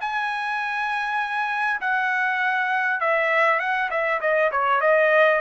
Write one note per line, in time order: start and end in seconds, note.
0.00 1.80 G#5
1.80 3.00 F#5
3.00 3.59 E5
3.59 3.89 F#5
3.90 4.20 E5
4.20 4.50 D#5
4.51 4.81 C#5
4.81 5.40 D#5